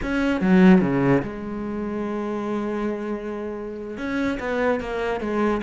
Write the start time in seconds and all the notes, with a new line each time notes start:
0.02 C#4
0.40 F#3
0.81 C#3
1.22 G#3
3.97 C#4
4.39 B3
4.80 A#3
5.20 G#3